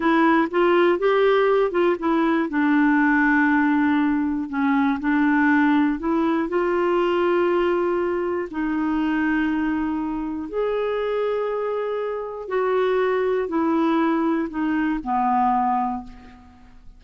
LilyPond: \new Staff \with { instrumentName = "clarinet" } { \time 4/4 \tempo 4 = 120 e'4 f'4 g'4. f'8 | e'4 d'2.~ | d'4 cis'4 d'2 | e'4 f'2.~ |
f'4 dis'2.~ | dis'4 gis'2.~ | gis'4 fis'2 e'4~ | e'4 dis'4 b2 | }